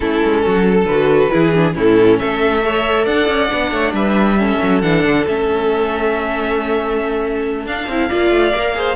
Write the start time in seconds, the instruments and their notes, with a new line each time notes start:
0.00 cello A3, viola C#4, violin E4 A4
0.24 cello G#3
0.45 cello F#3, violin F#4
0.69 violin A4
0.84 cello D3, viola F#4, violin B4
1.30 cello E3, viola E4, violin G#4
1.55 viola D4
1.73 cello A2, viola C#4, violin E4 A4
2.19 cello A3, violin A4 E5
2.61 viola A4, violin C#5
3.04 cello D4, violin D5 F#5
3.27 cello C#4
3.48 cello B3, viola D4
3.71 cello A3, violin C#5
3.92 cello G3, violin B4 E5
4.38 viola C#4, violin A4
4.62 cello F#3
4.81 cello E3, viola D4, violin F#5
5.04 cello D3
5.26 cello A3, viola C#4, violin E5
7.65 cello D4, viola D4, violin F5
7.87 cello C4, viola E4
8.08 cello A#3, viola F4, violin D5
8.31 cello A3
8.54 cello A#3, viola A#4
8.74 viola G#4, violin C5